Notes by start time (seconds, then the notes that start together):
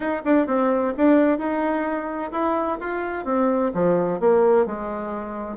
0.00 D#4
0.25 D4
0.47 C4
0.97 D4
1.38 D#4
2.31 E4
2.80 F4
3.25 C4
3.74 F3
4.20 A#3
4.65 G#3